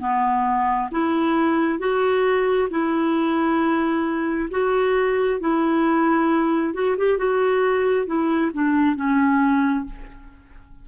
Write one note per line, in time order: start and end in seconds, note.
0.00 0.90 B3
0.92 1.79 E4
1.79 2.69 F#4
2.70 4.49 E4
4.51 5.40 F#4
5.40 6.74 E4
6.74 6.96 F#4
6.97 7.18 G4
7.18 8.06 F#4
8.06 8.51 E4
8.53 8.96 D4
8.96 9.85 C#4